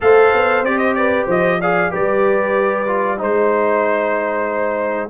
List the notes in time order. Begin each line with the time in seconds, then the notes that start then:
0.01 A3 A4 C5 F5
0.33 B3
0.62 C4 G4 D5
0.78 D#5
0.95 B4 D5
1.26 F3 C5 D#5
1.60 G#4 D5 F5
1.90 G3 G4 B4 D5
2.87 F4
3.17 G#3 D#4 C5